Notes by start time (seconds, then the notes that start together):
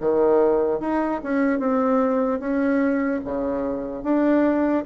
0.00 D#3
0.80 D#4
1.23 C#4
1.59 C4
2.39 C#4
3.25 C#3
4.03 D4